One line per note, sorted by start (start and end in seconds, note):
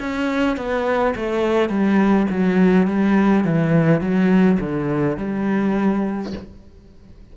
0.00 0.57 C#4
0.57 1.15 B3
1.16 1.69 A3
1.69 2.27 G3
2.31 2.87 F#3
2.87 3.45 G3
3.45 4.01 E3
4.01 4.59 F#3
4.60 5.18 D3
5.18 6.33 G3